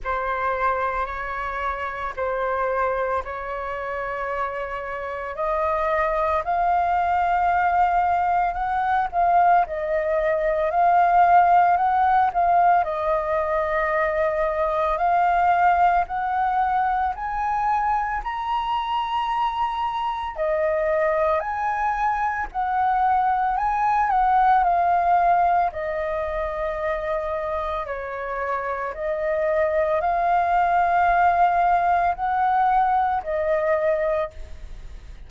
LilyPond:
\new Staff \with { instrumentName = "flute" } { \time 4/4 \tempo 4 = 56 c''4 cis''4 c''4 cis''4~ | cis''4 dis''4 f''2 | fis''8 f''8 dis''4 f''4 fis''8 f''8 | dis''2 f''4 fis''4 |
gis''4 ais''2 dis''4 | gis''4 fis''4 gis''8 fis''8 f''4 | dis''2 cis''4 dis''4 | f''2 fis''4 dis''4 | }